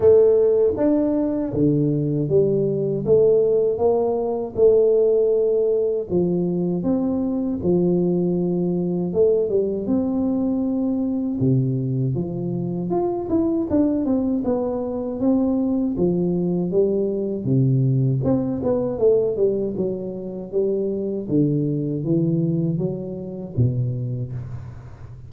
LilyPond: \new Staff \with { instrumentName = "tuba" } { \time 4/4 \tempo 4 = 79 a4 d'4 d4 g4 | a4 ais4 a2 | f4 c'4 f2 | a8 g8 c'2 c4 |
f4 f'8 e'8 d'8 c'8 b4 | c'4 f4 g4 c4 | c'8 b8 a8 g8 fis4 g4 | d4 e4 fis4 b,4 | }